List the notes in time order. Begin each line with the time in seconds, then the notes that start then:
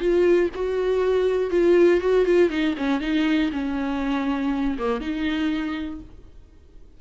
0.00 F4
0.55 F#4
1.51 F4
2.01 F#4
2.25 F4
2.50 D#4
2.78 C#4
3.01 D#4
3.52 C#4
4.79 A#3
5.01 D#4